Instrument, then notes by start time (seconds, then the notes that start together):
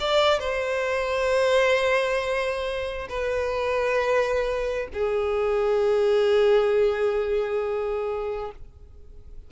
violin
0.00 D5
0.39 C5
3.09 B4
4.94 G#4